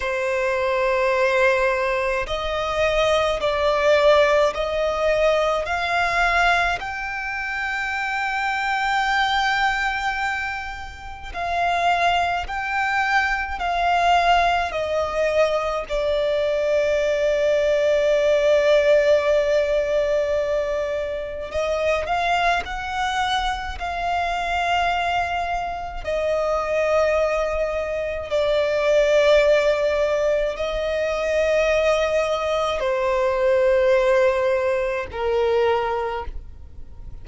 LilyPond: \new Staff \with { instrumentName = "violin" } { \time 4/4 \tempo 4 = 53 c''2 dis''4 d''4 | dis''4 f''4 g''2~ | g''2 f''4 g''4 | f''4 dis''4 d''2~ |
d''2. dis''8 f''8 | fis''4 f''2 dis''4~ | dis''4 d''2 dis''4~ | dis''4 c''2 ais'4 | }